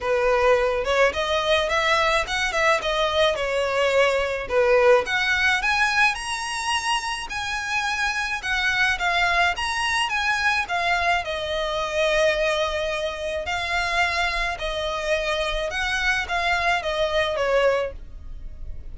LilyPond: \new Staff \with { instrumentName = "violin" } { \time 4/4 \tempo 4 = 107 b'4. cis''8 dis''4 e''4 | fis''8 e''8 dis''4 cis''2 | b'4 fis''4 gis''4 ais''4~ | ais''4 gis''2 fis''4 |
f''4 ais''4 gis''4 f''4 | dis''1 | f''2 dis''2 | fis''4 f''4 dis''4 cis''4 | }